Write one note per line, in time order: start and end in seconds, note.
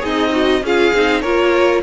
0.00 0.62 C4
0.00 0.64 D#4
0.00 0.30 G#4
0.00 0.65 D#5
0.31 0.61 F#4
0.62 0.92 C#4
0.62 0.95 F4
0.62 1.22 G#4
0.62 1.21 F5
0.94 1.24 C4
0.94 1.24 D#4
1.21 1.83 A#3
1.21 1.83 F4
1.21 1.82 A#4
1.21 1.81 C#5